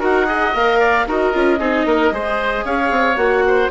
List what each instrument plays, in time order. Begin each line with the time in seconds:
0.00 bassoon D#4, viola F#4, oboe A#4, clarinet F#5
0.27 viola G#4, oboe D#5
0.54 bassoon A#3, viola A#4, clarinet F5
0.80 oboe D5
1.07 bassoon D#4, viola F#4, oboe A#4, clarinet D#5
1.34 bassoon C#4, viola F4
1.60 bassoon C4, viola D#4, oboe G#4
1.86 bassoon A#3, oboe A#4
2.11 bassoon G#3, viola G#4, oboe C5
2.65 bassoon C#4, oboe C#5, clarinet F5
2.91 bassoon C4
3.17 bassoon A#3, viola F#4, clarinet F#5
3.48 oboe C5